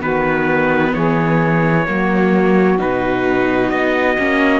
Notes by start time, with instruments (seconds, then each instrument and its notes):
0.00 cello D#3, viola B3, saxophone F#4, trumpet B4
0.93 cello E3, saxophone G#4, trumpet C#5
1.87 cello F#3, viola A#3, saxophone F#4
2.78 cello B2, viola D#4, trumpet B4
3.70 cello B3, trumpet D#5
4.18 cello A#3, viola C#4